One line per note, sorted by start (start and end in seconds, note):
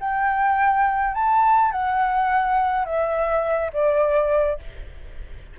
0.00 1.14 G5
1.14 1.71 A5
1.71 2.85 F#5
2.85 3.71 E5
3.73 4.59 D5